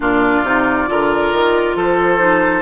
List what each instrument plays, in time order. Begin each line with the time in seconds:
0.00 bassoon A#2, clarinet D4, oboe F4, flute D5
0.43 bassoon C3, clarinet D#4
0.87 bassoon D3, clarinet F4, oboe A#4
1.32 bassoon D#3
1.75 bassoon F3, oboe A4, flute C5
2.18 clarinet D#4